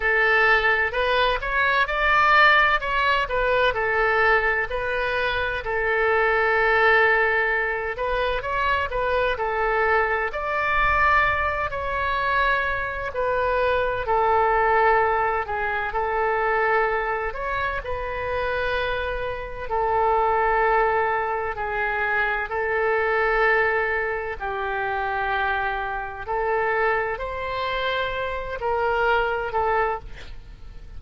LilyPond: \new Staff \with { instrumentName = "oboe" } { \time 4/4 \tempo 4 = 64 a'4 b'8 cis''8 d''4 cis''8 b'8 | a'4 b'4 a'2~ | a'8 b'8 cis''8 b'8 a'4 d''4~ | d''8 cis''4. b'4 a'4~ |
a'8 gis'8 a'4. cis''8 b'4~ | b'4 a'2 gis'4 | a'2 g'2 | a'4 c''4. ais'4 a'8 | }